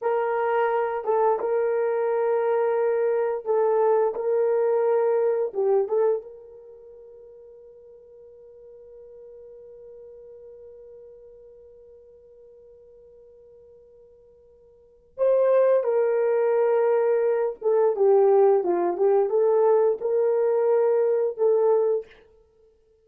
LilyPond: \new Staff \with { instrumentName = "horn" } { \time 4/4 \tempo 4 = 87 ais'4. a'8 ais'2~ | ais'4 a'4 ais'2 | g'8 a'8 ais'2.~ | ais'1~ |
ais'1~ | ais'2 c''4 ais'4~ | ais'4. a'8 g'4 f'8 g'8 | a'4 ais'2 a'4 | }